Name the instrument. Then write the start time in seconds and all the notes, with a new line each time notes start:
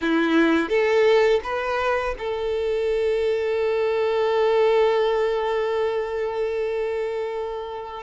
violin
0.01 E4
0.69 A4
1.43 B4
2.18 A4